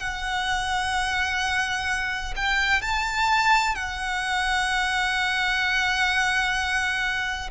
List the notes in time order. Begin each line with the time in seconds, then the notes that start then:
0.00 F#5
2.37 G5
2.82 A5
3.75 F#5